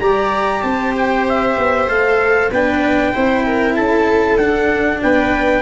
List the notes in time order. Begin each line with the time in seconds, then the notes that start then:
0.00 G3 G4 D5 A#5
0.62 C4 C5 A5
0.96 G5
1.29 E5
1.58 B3
1.87 A3 A4 F5
2.51 B3 D4 B4 G5
3.13 C4 E4 C5
3.46 A#4
3.75 C#4 A4 A5
4.38 D4 F#5
5.02 B3 B4 G5